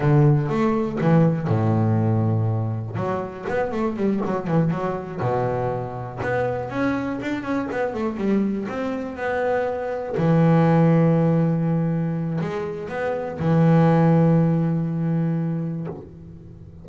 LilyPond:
\new Staff \with { instrumentName = "double bass" } { \time 4/4 \tempo 4 = 121 d4 a4 e4 a,4~ | a,2 fis4 b8 a8 | g8 fis8 e8 fis4 b,4.~ | b,8 b4 cis'4 d'8 cis'8 b8 |
a8 g4 c'4 b4.~ | b8 e2.~ e8~ | e4 gis4 b4 e4~ | e1 | }